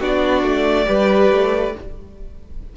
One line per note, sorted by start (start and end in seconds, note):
0.00 0.43 B3
0.00 0.86 D4
0.00 0.87 F#4
0.00 1.77 D5
0.43 0.86 A3
0.86 1.31 G3
0.86 1.72 G4
0.86 1.74 B4
1.31 1.75 A3